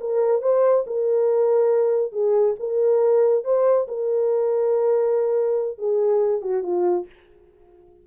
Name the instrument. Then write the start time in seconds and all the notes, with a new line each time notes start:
horn
0.00 A#4
0.42 C5
0.86 A#4
2.12 G#4
2.59 A#4
3.44 C5
3.88 A#4
5.78 G#4
6.41 F#4
6.63 F4